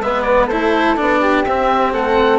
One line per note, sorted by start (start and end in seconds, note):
0.00 0.48 G#3
0.00 0.51 B3
0.00 0.47 B4
0.00 0.22 E5
0.22 0.46 D5
0.47 0.97 A3
0.47 0.97 E4
0.47 1.19 A4
0.47 0.97 C5
0.97 1.45 B3
0.97 1.45 D4
0.97 1.44 D5
1.21 1.93 G4
1.44 1.93 C4
1.44 2.39 C4
1.44 1.93 E5
1.93 2.39 A3
1.93 2.39 A4
1.93 2.39 F#5